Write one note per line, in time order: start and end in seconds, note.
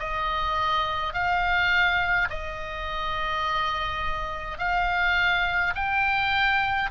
0.00 1.14 D#5
1.14 2.29 F5
2.30 4.59 D#5
4.59 5.74 F5
5.75 6.91 G5